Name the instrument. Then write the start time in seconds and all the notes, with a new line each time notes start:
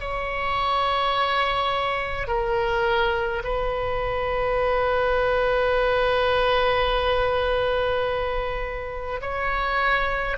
oboe
0.00 C#5
2.27 A#4
3.44 B4
9.22 C#5